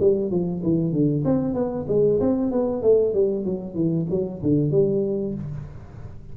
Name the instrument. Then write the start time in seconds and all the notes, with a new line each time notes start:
tuba
0.00 G3
0.31 F3
0.63 E3
0.92 D3
1.25 C4
1.54 B3
1.88 G#3
2.20 C4
2.51 B3
2.82 A3
3.14 G3
3.45 F#3
3.75 E3
4.10 F#3
4.43 D3
4.71 G3